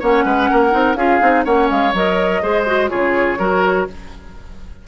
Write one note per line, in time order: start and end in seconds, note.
0.00 0.25 A#3
0.00 0.71 C#4
0.00 0.24 C#5
0.00 0.95 F#5
0.25 0.49 G#3
0.25 0.50 B4
0.50 0.74 A#3
0.50 0.98 A#4
0.71 0.95 C4
0.71 0.95 D#4
0.95 1.20 C#4
0.95 1.21 F4
0.95 1.45 G#4
0.95 1.44 F5
1.21 1.45 C4
1.21 1.45 D#4
1.45 1.70 A#3
1.45 1.93 C#4
1.45 2.41 C#5
1.45 1.69 F#5
1.70 1.94 G#3
1.70 1.95 F5
1.94 2.42 F#3
1.94 2.43 A#4
1.94 2.89 D#5
2.43 2.91 G#3
2.43 2.67 G#4
2.43 2.90 C5
2.67 2.89 F#4
2.89 3.39 C#3
2.89 3.37 F4
2.89 3.39 G#4
2.89 3.85 C#5
3.39 3.87 F#3
3.39 3.87 F#4
3.39 3.87 A#4